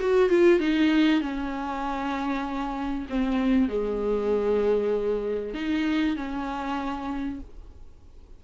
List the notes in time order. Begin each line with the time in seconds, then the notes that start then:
0.00 F#4
0.29 F4
0.60 D#4
1.21 C#4
3.09 C4
3.68 G#3
5.54 D#4
6.16 C#4